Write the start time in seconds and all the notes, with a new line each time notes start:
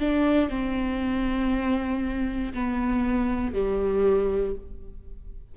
0.00 D4
0.49 C4
2.53 B3
3.54 G3